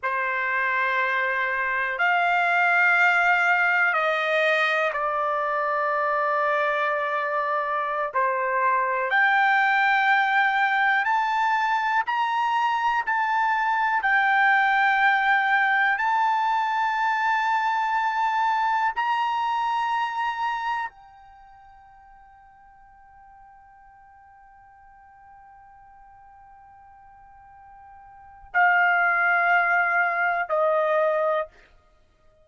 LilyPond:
\new Staff \with { instrumentName = "trumpet" } { \time 4/4 \tempo 4 = 61 c''2 f''2 | dis''4 d''2.~ | d''16 c''4 g''2 a''8.~ | a''16 ais''4 a''4 g''4.~ g''16~ |
g''16 a''2. ais''8.~ | ais''4~ ais''16 g''2~ g''8.~ | g''1~ | g''4 f''2 dis''4 | }